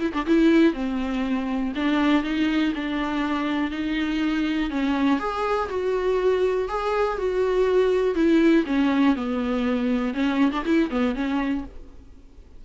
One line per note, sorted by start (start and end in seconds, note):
0.00 0.12 E4
0.14 0.26 D4
0.26 0.74 E4
0.74 1.73 C4
1.76 2.24 D4
2.24 2.73 D#4
2.75 3.71 D4
3.71 4.70 D#4
4.70 5.20 C#4
5.20 5.69 G#4
5.70 6.69 F#4
6.69 7.18 G#4
7.18 8.15 F#4
8.15 8.65 E4
8.66 9.16 C#4
9.16 10.14 B3
10.14 10.51 C#4
10.52 10.64 D4
10.65 10.90 E4
10.90 11.15 B3
11.15 11.65 C#4